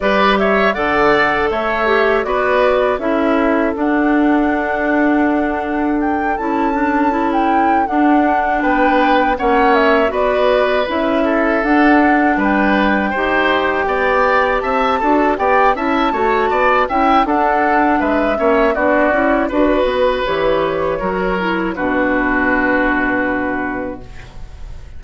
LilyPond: <<
  \new Staff \with { instrumentName = "flute" } { \time 4/4 \tempo 4 = 80 d''8 e''8 fis''4 e''4 d''4 | e''4 fis''2. | g''8 a''4~ a''16 g''8. fis''4 g''8~ | g''8 fis''8 e''8 d''4 e''4 fis''8~ |
fis''8 g''2. a''8~ | a''8 g''8 a''4. g''8 fis''4 | e''4 d''4 b'4 cis''4~ | cis''4 b'2. | }
  \new Staff \with { instrumentName = "oboe" } { \time 4/4 b'8 cis''8 d''4 cis''4 b'4 | a'1~ | a'2.~ a'8 b'8~ | b'8 cis''4 b'4. a'4~ |
a'8 b'4 c''4 d''4 e''8 | a'8 d''8 e''8 cis''8 d''8 e''8 a'4 | b'8 cis''8 fis'4 b'2 | ais'4 fis'2. | }
  \new Staff \with { instrumentName = "clarinet" } { \time 4/4 g'4 a'4. g'8 fis'4 | e'4 d'2.~ | d'8 e'8 d'8 e'4 d'4.~ | d'8 cis'4 fis'4 e'4 d'8~ |
d'4. g'2~ g'8 | fis'8 g'8 e'8 fis'4 e'8 d'4~ | d'8 cis'8 d'8 e'8 fis'4 g'4 | fis'8 e'8 d'2. | }
  \new Staff \with { instrumentName = "bassoon" } { \time 4/4 g4 d4 a4 b4 | cis'4 d'2.~ | d'8 cis'2 d'4 b8~ | b8 ais4 b4 cis'4 d'8~ |
d'8 g4 dis'4 b4 c'8 | d'8 b8 cis'8 a8 b8 cis'8 d'4 | gis8 ais8 b8 cis'8 d'8 b8 e4 | fis4 b,2. | }
>>